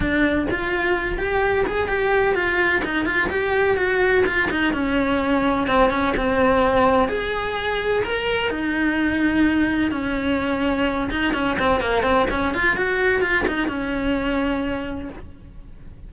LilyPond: \new Staff \with { instrumentName = "cello" } { \time 4/4 \tempo 4 = 127 d'4 f'4. g'4 gis'8 | g'4 f'4 dis'8 f'8 g'4 | fis'4 f'8 dis'8 cis'2 | c'8 cis'8 c'2 gis'4~ |
gis'4 ais'4 dis'2~ | dis'4 cis'2~ cis'8 dis'8 | cis'8 c'8 ais8 c'8 cis'8 f'8 fis'4 | f'8 dis'8 cis'2. | }